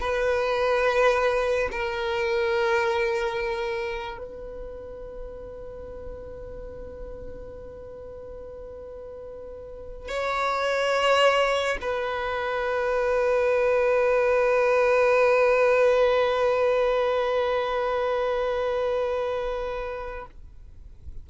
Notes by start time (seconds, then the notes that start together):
0.00 B4
1.72 A#4
4.18 B4
10.08 C#5
11.81 B4